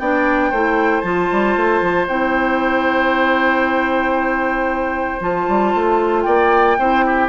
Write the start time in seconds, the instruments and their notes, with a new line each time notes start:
0.00 bassoon B3, clarinet D4, oboe D5, flute G5
0.50 bassoon A3, clarinet E4, oboe C5
1.02 bassoon F3, clarinet F4, flute A5
1.32 bassoon G3
1.57 bassoon A3
1.82 bassoon F3
2.08 bassoon C4, clarinet E4, flute G5
5.21 bassoon F3, clarinet F4, flute A5
5.48 bassoon G3
5.75 bassoon A3
6.23 bassoon A#3, oboe D5, flute G5
6.78 bassoon C4, clarinet E4, oboe C5
7.06 oboe G4